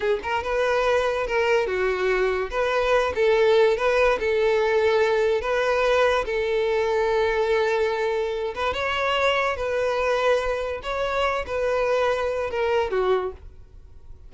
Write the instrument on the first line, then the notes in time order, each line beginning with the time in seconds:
violin
0.00 G#4
0.23 A#4
0.43 B4
1.26 A#4
1.66 F#4
2.50 B4
3.15 A4
3.77 B4
4.19 A4
5.41 B4
6.25 A4
8.54 B4
8.73 C#5
9.56 B4
10.82 C#5
11.46 B4
12.50 A#4
12.91 F#4